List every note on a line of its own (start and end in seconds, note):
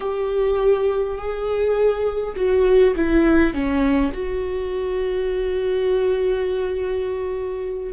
0.00 1.17 G4
1.17 2.35 G#4
2.35 2.94 F#4
2.95 3.53 E4
3.53 4.12 C#4
4.12 7.93 F#4